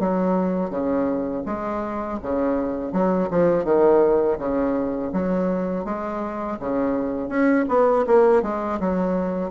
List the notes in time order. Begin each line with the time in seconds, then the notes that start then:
0.00 F#3
0.71 C#3
1.46 G#3
2.23 C#3
2.93 F#3
3.31 F3
3.65 D#3
4.39 C#3
5.13 F#3
5.85 G#3
6.60 C#3
7.29 C#4
7.69 B3
8.07 A#3
8.43 G#3
8.80 F#3